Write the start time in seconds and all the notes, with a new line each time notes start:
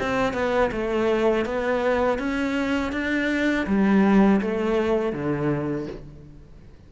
0.00 C4
0.34 B3
0.72 A3
1.45 B3
2.19 C#4
2.92 D4
3.67 G3
4.41 A3
5.13 D3